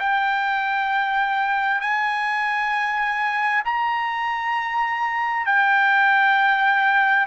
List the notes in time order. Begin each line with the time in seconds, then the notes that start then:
0.00 G5
1.81 G#5
3.65 A#5
5.46 G5